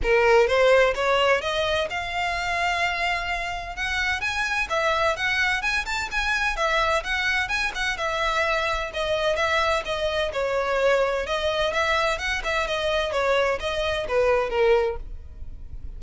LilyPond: \new Staff \with { instrumentName = "violin" } { \time 4/4 \tempo 4 = 128 ais'4 c''4 cis''4 dis''4 | f''1 | fis''4 gis''4 e''4 fis''4 | gis''8 a''8 gis''4 e''4 fis''4 |
gis''8 fis''8 e''2 dis''4 | e''4 dis''4 cis''2 | dis''4 e''4 fis''8 e''8 dis''4 | cis''4 dis''4 b'4 ais'4 | }